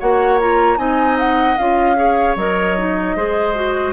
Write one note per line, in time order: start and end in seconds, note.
0.00 0.78 A#3
0.00 0.40 F#4
0.00 0.79 C#5
0.00 0.40 F#5
0.40 0.77 F4
0.40 0.78 A#5
0.77 1.57 C4
0.77 1.56 D#4
0.77 1.97 D#5
0.77 1.18 G#5
1.19 1.58 F#5
1.58 2.36 C#4
1.58 1.96 F4
1.58 2.37 F5
1.96 2.35 G#4
1.96 3.16 C#5
2.36 3.15 F#3
2.36 2.78 A#4
2.36 3.94 D#5
2.78 3.17 D#4
3.16 3.94 G#3
3.16 3.55 G#4
3.16 3.94 C5
3.55 3.94 F#4